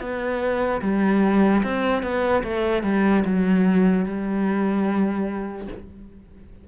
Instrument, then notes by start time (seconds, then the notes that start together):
cello
0.00 B3
0.81 G3
1.63 C4
2.03 B3
2.44 A3
2.83 G3
3.25 F#3
4.05 G3